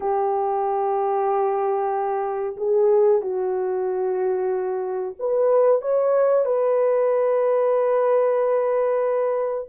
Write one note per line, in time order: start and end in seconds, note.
0.00 2.56 G4
2.57 3.21 G#4
3.21 5.15 F#4
5.19 5.81 B4
5.81 6.45 C#5
6.45 9.67 B4